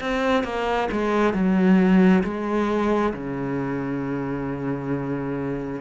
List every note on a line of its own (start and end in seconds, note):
0.00 0.44 C4
0.44 0.88 A#3
0.92 1.34 G#3
1.34 2.23 F#3
2.23 3.13 G#3
3.13 5.81 C#3